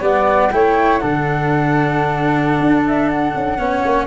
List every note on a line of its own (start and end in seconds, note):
0.00 0.51 G3
0.00 0.49 B3
0.00 0.52 D5
0.00 0.52 F#5
0.52 1.03 A3
0.52 1.01 E4
0.52 1.02 C#5
0.52 0.98 G5
0.98 2.61 D3
0.98 3.59 D4
0.98 3.60 A4
0.98 2.83 F#5
2.61 3.34 D4
2.88 3.10 E5
3.10 4.07 F#5
3.36 3.59 C#4
3.59 3.83 B3
3.59 4.07 C#4
3.59 4.07 C#5
3.85 4.07 A#3